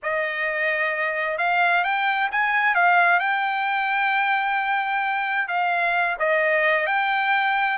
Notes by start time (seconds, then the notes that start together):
0.02 D#5
1.38 F5
1.84 G5
2.31 G#5
2.74 F5
3.19 G5
5.48 F5
6.19 D#5
6.86 G5